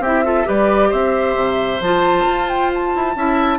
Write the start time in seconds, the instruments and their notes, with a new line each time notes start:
0.00 bassoon C4, oboe G4, flute E5
0.06 clarinet E4
0.25 clarinet F4, oboe A4
0.45 bassoon G3, clarinet G4, oboe B4, flute D5
0.90 bassoon C4, oboe C5, flute E5
1.36 bassoon C3
1.81 bassoon F3, clarinet F4, flute A5
2.27 bassoon F4
2.49 flute G5
2.75 flute A5
2.96 bassoon E4
3.16 bassoon C#4, clarinet E4, oboe E5